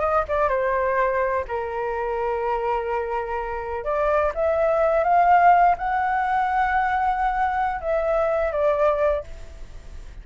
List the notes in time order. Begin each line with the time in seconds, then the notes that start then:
0.00 D#5
0.28 D5
0.49 C5
1.48 A#4
3.84 D5
4.35 E5
5.04 F5
5.78 F#5
7.81 E5
8.52 D5